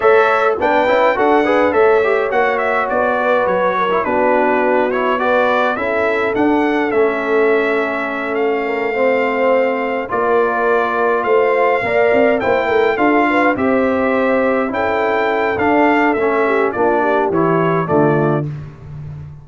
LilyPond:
<<
  \new Staff \with { instrumentName = "trumpet" } { \time 4/4 \tempo 4 = 104 e''4 g''4 fis''4 e''4 | fis''8 e''8 d''4 cis''4 b'4~ | b'8 cis''8 d''4 e''4 fis''4 | e''2~ e''8 f''4.~ |
f''4. d''2 f''8~ | f''4. g''4 f''4 e''8~ | e''4. g''4. f''4 | e''4 d''4 cis''4 d''4 | }
  \new Staff \with { instrumentName = "horn" } { \time 4/4 cis''4 b'4 a'8 b'8 cis''4~ | cis''4. b'4 ais'8 fis'4~ | fis'4 b'4 a'2~ | a'2. ais'8 c''8~ |
c''4. ais'2 c''8~ | c''8 d''4 c''8 ais'8 a'8 b'8 c''8~ | c''4. a'2~ a'8~ | a'8 g'8 f'8 g'4. f'4 | }
  \new Staff \with { instrumentName = "trombone" } { \time 4/4 a'4 d'8 e'8 fis'8 gis'8 a'8 g'8 | fis'2~ fis'8. e'16 d'4~ | d'8 e'8 fis'4 e'4 d'4 | cis'2.~ cis'8 c'8~ |
c'4. f'2~ f'8~ | f'8 ais'4 e'4 f'4 g'8~ | g'4. e'4. d'4 | cis'4 d'4 e'4 a4 | }
  \new Staff \with { instrumentName = "tuba" } { \time 4/4 a4 b8 cis'8 d'4 a4 | ais4 b4 fis4 b4~ | b2 cis'4 d'4 | a1~ |
a4. ais2 a8~ | a8 ais8 c'8 ais8 a8 d'4 c'8~ | c'4. cis'4. d'4 | a4 ais4 e4 d4 | }
>>